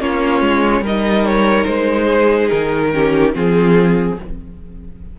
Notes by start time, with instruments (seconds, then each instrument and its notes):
0.00 cello A#3, viola C#4, violin F4 C#5
0.41 cello G#3
0.81 cello G3, viola D#4, violin A#4 D#5
1.26 violin C#5
1.65 cello G#3, violin C5
2.04 violin G#4
2.50 cello D#3, violin A#4
2.93 viola C#4, violin G4
3.34 cello F3, viola C4, violin F4 G#4